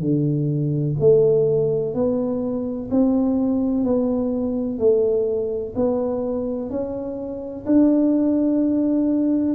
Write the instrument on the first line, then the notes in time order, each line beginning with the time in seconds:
tuba
0.00 D3
1.00 A3
1.94 B3
2.90 C4
3.84 B3
4.78 A3
5.75 B3
6.70 C#4
7.66 D4